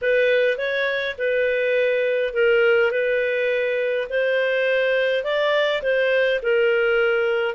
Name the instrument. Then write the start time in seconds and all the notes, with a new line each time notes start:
clarinet
0.01 B4
0.57 C#5
1.18 B4
2.33 A#4
2.91 B4
4.09 C5
5.23 D5
5.82 C5
6.42 A#4